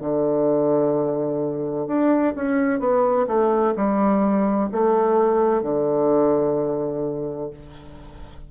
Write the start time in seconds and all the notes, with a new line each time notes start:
0.00 D3
1.87 D4
2.35 C#4
2.79 B3
3.27 A3
3.75 G3
4.71 A3
5.62 D3